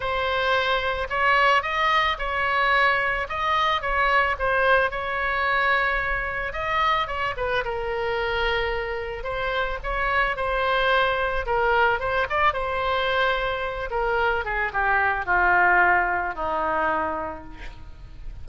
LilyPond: \new Staff \with { instrumentName = "oboe" } { \time 4/4 \tempo 4 = 110 c''2 cis''4 dis''4 | cis''2 dis''4 cis''4 | c''4 cis''2. | dis''4 cis''8 b'8 ais'2~ |
ais'4 c''4 cis''4 c''4~ | c''4 ais'4 c''8 d''8 c''4~ | c''4. ais'4 gis'8 g'4 | f'2 dis'2 | }